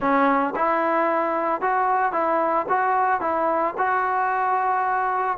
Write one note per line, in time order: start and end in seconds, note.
0.00 0.54 C#4
0.55 1.61 E4
1.61 2.12 F#4
2.12 2.65 E4
2.68 3.20 F#4
3.20 3.74 E4
3.77 5.37 F#4